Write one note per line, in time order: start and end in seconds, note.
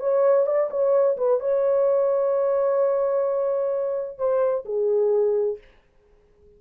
0.00 0.47 C#5
0.47 0.70 D5
0.71 1.17 C#5
1.18 1.40 B4
1.40 4.18 C#5
4.18 4.65 C5
4.65 5.58 G#4